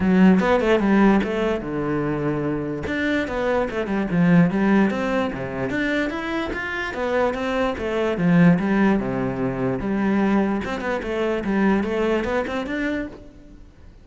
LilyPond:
\new Staff \with { instrumentName = "cello" } { \time 4/4 \tempo 4 = 147 fis4 b8 a8 g4 a4 | d2. d'4 | b4 a8 g8 f4 g4 | c'4 c4 d'4 e'4 |
f'4 b4 c'4 a4 | f4 g4 c2 | g2 c'8 b8 a4 | g4 a4 b8 c'8 d'4 | }